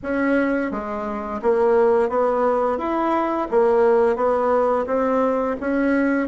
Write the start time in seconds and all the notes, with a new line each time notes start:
0.03 C#4
0.71 G#3
1.41 A#3
2.09 B3
2.77 E4
3.50 A#3
4.15 B3
4.86 C4
5.60 C#4